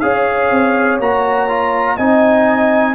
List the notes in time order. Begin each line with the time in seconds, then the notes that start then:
0.00 C#4 G#4 C#5 F5
0.51 C4
1.00 A#3 F#4 A#5
1.49 F4
1.97 C4 D#4 D#5 G#5